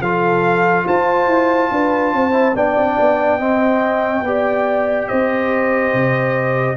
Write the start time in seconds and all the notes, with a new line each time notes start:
0.00 F3 F4 A4 F5
0.85 F4 C5 A5
1.27 E4
1.71 D4 B4
2.13 C4 C5
2.31 E4
2.55 B3 D4 D5 G5
2.77 C4
2.99 B3
3.39 C4 D#5
4.22 B3 G4 D5
5.07 C4 C5 D#5
5.93 C3